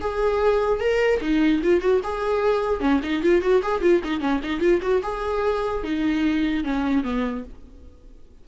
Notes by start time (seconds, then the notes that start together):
0.00 G#4
0.80 A#4
1.21 D#4
1.63 F4
1.81 F#4
2.04 G#4
2.80 C#4
3.03 D#4
3.23 F4
3.42 F#4
3.62 G#4
3.81 F4
4.04 D#4
4.20 C#4
4.43 D#4
4.60 F4
4.82 F#4
5.03 G#4
5.83 D#4
6.64 C#4
7.03 B3